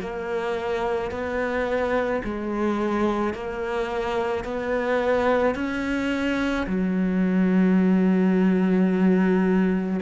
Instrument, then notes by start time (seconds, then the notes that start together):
cello
0.00 A#3
1.11 B3
2.24 G#3
3.33 A#3
4.44 B3
5.55 C#4
6.67 F#3